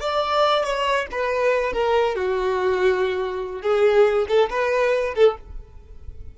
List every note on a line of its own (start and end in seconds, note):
0.00 0.64 D5
0.64 1.07 C#5
1.11 1.73 B4
1.73 2.15 A#4
2.15 3.62 F#4
3.62 4.26 G#4
4.28 4.49 A4
4.50 5.14 B4
5.15 5.37 A4